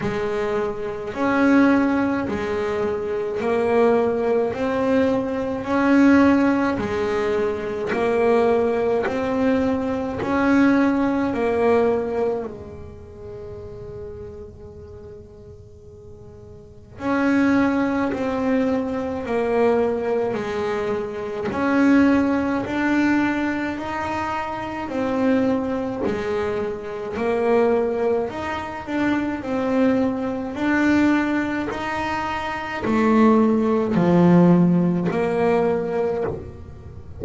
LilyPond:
\new Staff \with { instrumentName = "double bass" } { \time 4/4 \tempo 4 = 53 gis4 cis'4 gis4 ais4 | c'4 cis'4 gis4 ais4 | c'4 cis'4 ais4 gis4~ | gis2. cis'4 |
c'4 ais4 gis4 cis'4 | d'4 dis'4 c'4 gis4 | ais4 dis'8 d'8 c'4 d'4 | dis'4 a4 f4 ais4 | }